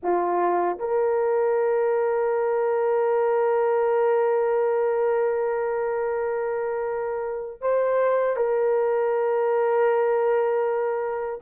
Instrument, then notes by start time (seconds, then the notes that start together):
horn
0.02 F4
0.78 A#4
7.61 C5
8.36 A#4